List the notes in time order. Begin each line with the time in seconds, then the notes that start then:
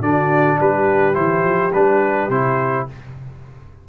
0.00 D3 D4 F#4 D5
0.59 G3 G4 B4
1.13 E3 E4 C5
1.44 F3
1.72 G3 D4 B4
2.28 C3 E4 C5